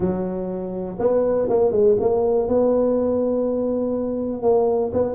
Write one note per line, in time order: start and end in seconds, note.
0.00 0.98 F#3
0.99 1.48 B3
1.49 1.71 A#3
1.71 1.96 G#3
2.00 2.47 A#3
2.47 4.42 B3
4.42 4.91 A#3
4.93 5.14 B3